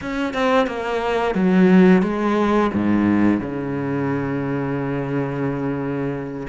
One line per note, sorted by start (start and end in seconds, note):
0.01 0.33 C#4
0.33 0.67 C4
0.67 1.35 A#3
1.35 2.02 F#3
2.02 2.70 G#3
2.73 3.40 G#2
3.40 6.47 C#3